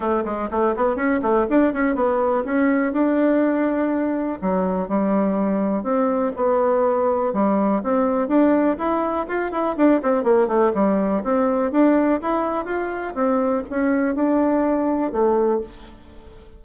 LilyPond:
\new Staff \with { instrumentName = "bassoon" } { \time 4/4 \tempo 4 = 123 a8 gis8 a8 b8 cis'8 a8 d'8 cis'8 | b4 cis'4 d'2~ | d'4 fis4 g2 | c'4 b2 g4 |
c'4 d'4 e'4 f'8 e'8 | d'8 c'8 ais8 a8 g4 c'4 | d'4 e'4 f'4 c'4 | cis'4 d'2 a4 | }